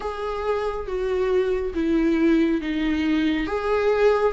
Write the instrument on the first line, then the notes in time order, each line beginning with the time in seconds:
viola
0.00 G#4
0.87 F#4
1.74 E4
2.61 D#4
3.47 G#4